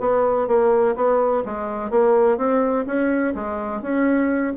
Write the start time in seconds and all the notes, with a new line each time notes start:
0.00 B3
0.48 A#3
0.95 B3
1.45 G#3
1.90 A#3
2.37 C4
2.86 C#4
3.35 G#3
3.81 C#4